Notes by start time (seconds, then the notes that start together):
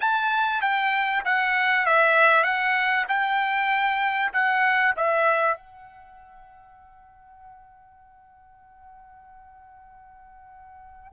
0.00 A5
0.61 G5
1.24 F#5
1.86 E5
2.43 F#5
3.08 G5
4.32 F#5
4.96 E5
5.57 F#5